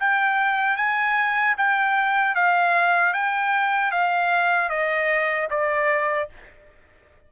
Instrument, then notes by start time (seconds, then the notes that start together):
trumpet
0.00 G5
0.77 G#5
1.58 G5
2.35 F5
3.13 G5
3.92 F5
4.69 D#5
5.50 D5